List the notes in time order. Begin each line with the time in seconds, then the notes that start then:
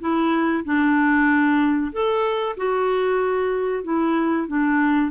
0.00 E4
0.64 D4
1.92 A4
2.56 F#4
3.84 E4
4.47 D4